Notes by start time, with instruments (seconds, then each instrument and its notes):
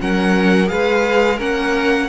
0.00 cello F#3, viola C#4, violin A#4 F#5
0.66 cello G#3, viola G#4, violin B4 F5
1.36 cello A#3, viola C#4, violin A#4 F#5